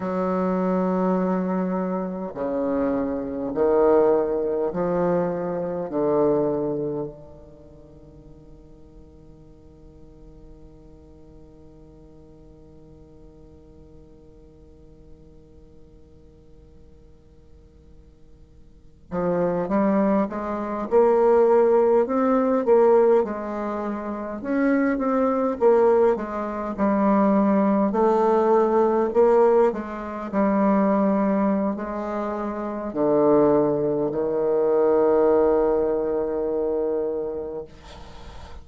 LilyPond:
\new Staff \with { instrumentName = "bassoon" } { \time 4/4 \tempo 4 = 51 fis2 cis4 dis4 | f4 d4 dis2~ | dis1~ | dis1~ |
dis16 f8 g8 gis8 ais4 c'8 ais8 gis16~ | gis8. cis'8 c'8 ais8 gis8 g4 a16~ | a8. ais8 gis8 g4~ g16 gis4 | d4 dis2. | }